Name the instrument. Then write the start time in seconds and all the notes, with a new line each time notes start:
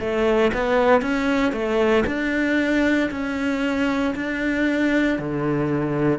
cello
0.00 A3
0.54 B3
1.02 C#4
1.52 A3
2.06 D4
3.11 C#4
4.15 D4
5.19 D3